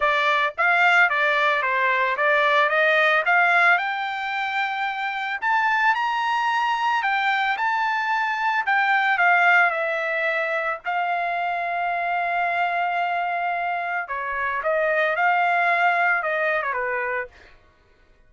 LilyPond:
\new Staff \with { instrumentName = "trumpet" } { \time 4/4 \tempo 4 = 111 d''4 f''4 d''4 c''4 | d''4 dis''4 f''4 g''4~ | g''2 a''4 ais''4~ | ais''4 g''4 a''2 |
g''4 f''4 e''2 | f''1~ | f''2 cis''4 dis''4 | f''2 dis''8. cis''16 b'4 | }